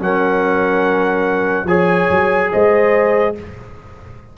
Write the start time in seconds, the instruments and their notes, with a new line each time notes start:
0.00 tuba F#3, trombone C#4, horn A#4, trumpet F#5
1.65 tuba F3, trombone G#4, horn C#5, trumpet G#5
2.11 tuba F#3
2.52 tuba G#3, horn C5, trumpet D#5